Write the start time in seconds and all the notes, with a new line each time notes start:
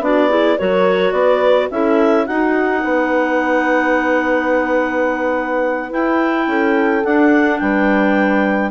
0.00 B3 D4 F#4 D5
0.29 E4 G#4
0.58 F#3 F#4 A#4 C#5
1.12 B3 B4 D5
1.71 C#4 E4 A4 E5
2.26 D#4 F#4 F#5
2.84 B3 B4
5.90 E4 G5
6.47 C#4 A4
7.04 D4 F#5
7.59 G3 B4 G5